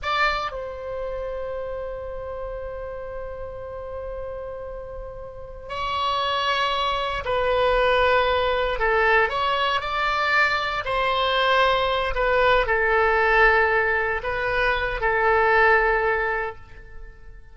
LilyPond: \new Staff \with { instrumentName = "oboe" } { \time 4/4 \tempo 4 = 116 d''4 c''2.~ | c''1~ | c''2. cis''4~ | cis''2 b'2~ |
b'4 a'4 cis''4 d''4~ | d''4 c''2~ c''8 b'8~ | b'8 a'2. b'8~ | b'4 a'2. | }